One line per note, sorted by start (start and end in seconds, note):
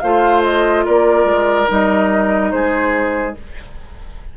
0.00 0.86 A3
0.00 1.68 F4
0.00 0.85 C5
0.00 0.42 F5
0.44 0.85 D#5
0.85 1.25 A#3
0.85 2.52 A#4
0.85 1.70 D5
1.25 1.66 G#3
1.68 2.53 G3
1.68 3.34 D#4
1.68 2.51 D#5
2.51 3.36 G#3
2.51 3.37 G#4
2.51 3.35 C5